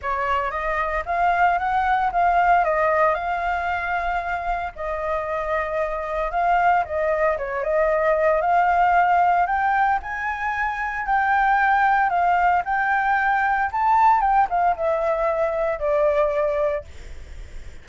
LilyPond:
\new Staff \with { instrumentName = "flute" } { \time 4/4 \tempo 4 = 114 cis''4 dis''4 f''4 fis''4 | f''4 dis''4 f''2~ | f''4 dis''2. | f''4 dis''4 cis''8 dis''4. |
f''2 g''4 gis''4~ | gis''4 g''2 f''4 | g''2 a''4 g''8 f''8 | e''2 d''2 | }